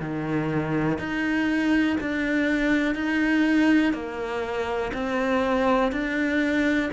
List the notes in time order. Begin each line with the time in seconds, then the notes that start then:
0.00 D#3
0.98 D#4
2.00 D4
2.95 D#4
3.93 A#3
4.93 C4
5.92 D4